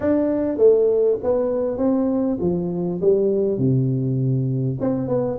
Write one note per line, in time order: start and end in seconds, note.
0.00 0.57 D4
0.57 1.17 A3
1.23 1.77 B3
1.77 2.37 C4
2.40 3.00 F3
3.01 3.58 G3
3.58 4.78 C3
4.80 5.08 C4
5.08 5.38 B3